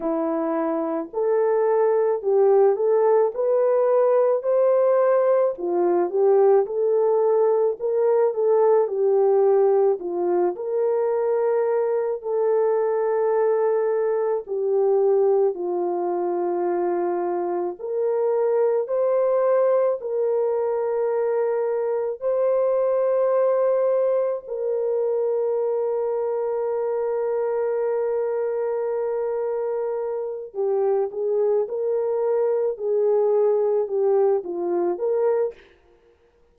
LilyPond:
\new Staff \with { instrumentName = "horn" } { \time 4/4 \tempo 4 = 54 e'4 a'4 g'8 a'8 b'4 | c''4 f'8 g'8 a'4 ais'8 a'8 | g'4 f'8 ais'4. a'4~ | a'4 g'4 f'2 |
ais'4 c''4 ais'2 | c''2 ais'2~ | ais'2.~ ais'8 g'8 | gis'8 ais'4 gis'4 g'8 f'8 ais'8 | }